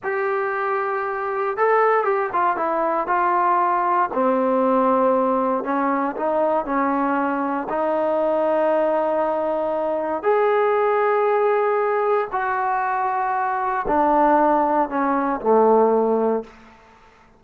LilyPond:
\new Staff \with { instrumentName = "trombone" } { \time 4/4 \tempo 4 = 117 g'2. a'4 | g'8 f'8 e'4 f'2 | c'2. cis'4 | dis'4 cis'2 dis'4~ |
dis'1 | gis'1 | fis'2. d'4~ | d'4 cis'4 a2 | }